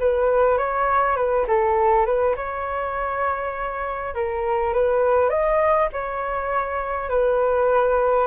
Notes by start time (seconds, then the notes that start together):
0.00 B4
0.58 C#5
1.17 B4
1.48 A4
2.06 B4
2.37 C#5
4.15 A#4
4.74 B4
5.30 D#5
5.93 C#5
7.10 B4